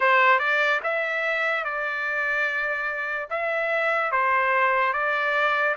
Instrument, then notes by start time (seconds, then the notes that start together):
trumpet
0.00 C5
0.39 D5
0.83 E5
1.64 D5
3.30 E5
4.11 C5
4.93 D5